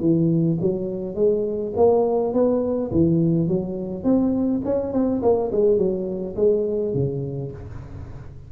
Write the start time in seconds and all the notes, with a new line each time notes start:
0.00 E3
0.61 F#3
1.15 G#3
1.76 A#3
2.33 B3
2.91 E3
3.48 F#3
4.04 C4
4.64 C#4
4.93 C4
5.22 A#3
5.52 G#3
5.77 F#3
6.36 G#3
6.94 C#3